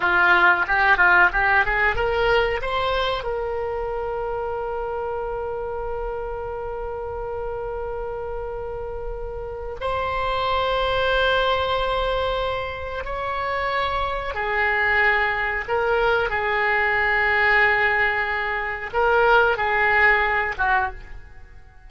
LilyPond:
\new Staff \with { instrumentName = "oboe" } { \time 4/4 \tempo 4 = 92 f'4 g'8 f'8 g'8 gis'8 ais'4 | c''4 ais'2.~ | ais'1~ | ais'2. c''4~ |
c''1 | cis''2 gis'2 | ais'4 gis'2.~ | gis'4 ais'4 gis'4. fis'8 | }